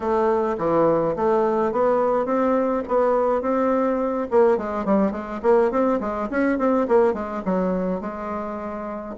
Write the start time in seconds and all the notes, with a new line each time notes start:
0.00 A3
0.58 E3
1.16 A3
1.72 B3
2.25 C4
2.88 B3
3.41 C4
4.31 A#3
4.57 G#3
4.85 G3
5.11 G#3
5.42 A#3
5.71 C4
6.00 G#3
6.30 C#4
6.58 C4
6.88 A#3
7.13 G#3
7.45 F#3
8.00 G#3